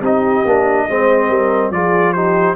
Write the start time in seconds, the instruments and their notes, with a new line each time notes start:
0.00 tuba C4, trombone D#4, horn G4, trumpet D#5
0.45 tuba A#3, trombone D4
0.88 tuba G#3, trombone C4, horn C5
1.29 tuba G3, horn A#4
1.70 tuba F3, trombone F4, horn G#4, trumpet D5
2.12 trombone D#4, horn G4, trumpet C5